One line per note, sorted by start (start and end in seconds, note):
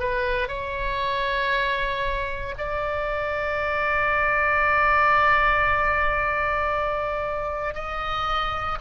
0.00 0.48 B4
0.48 2.55 C#5
2.58 7.74 D5
7.74 8.78 D#5